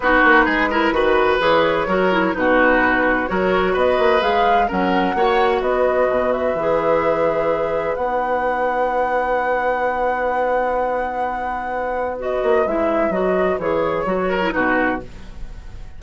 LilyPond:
<<
  \new Staff \with { instrumentName = "flute" } { \time 4/4 \tempo 4 = 128 b'2. cis''4~ | cis''4 b'2 cis''4 | dis''4 f''4 fis''2 | dis''4. e''2~ e''8~ |
e''4 fis''2.~ | fis''1~ | fis''2 dis''4 e''4 | dis''4 cis''2 b'4 | }
  \new Staff \with { instrumentName = "oboe" } { \time 4/4 fis'4 gis'8 ais'8 b'2 | ais'4 fis'2 ais'4 | b'2 ais'4 cis''4 | b'1~ |
b'1~ | b'1~ | b'1~ | b'2~ b'8 ais'8 fis'4 | }
  \new Staff \with { instrumentName = "clarinet" } { \time 4/4 dis'4. e'8 fis'4 gis'4 | fis'8 e'8 dis'2 fis'4~ | fis'4 gis'4 cis'4 fis'4~ | fis'2 gis'2~ |
gis'4 dis'2.~ | dis'1~ | dis'2 fis'4 e'4 | fis'4 gis'4 fis'8. e'16 dis'4 | }
  \new Staff \with { instrumentName = "bassoon" } { \time 4/4 b8 ais8 gis4 dis4 e4 | fis4 b,2 fis4 | b8 ais8 gis4 fis4 ais4 | b4 b,4 e2~ |
e4 b2.~ | b1~ | b2~ b8 ais8 gis4 | fis4 e4 fis4 b,4 | }
>>